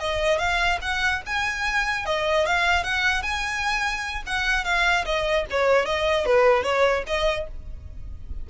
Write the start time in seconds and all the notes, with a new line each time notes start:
0.00 D#5
0.39 F5
0.82 F#5
1.26 G#5
2.06 D#5
2.47 F5
2.84 F#5
3.23 G#5
4.27 F#5
4.65 F5
5.06 D#5
5.51 C#5
5.86 D#5
6.26 B4
6.64 C#5
7.07 D#5